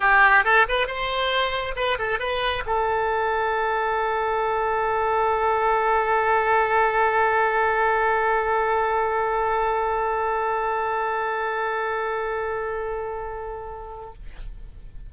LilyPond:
\new Staff \with { instrumentName = "oboe" } { \time 4/4 \tempo 4 = 136 g'4 a'8 b'8 c''2 | b'8 a'8 b'4 a'2~ | a'1~ | a'1~ |
a'1~ | a'1~ | a'1~ | a'1 | }